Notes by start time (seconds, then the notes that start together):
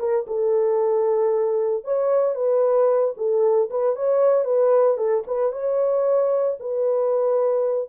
0.00 A#4
0.27 A4
1.85 C#5
2.36 B4
3.17 A4
3.71 B4
3.96 C#5
4.45 B4
4.98 A4
5.28 B4
5.53 C#5
6.60 B4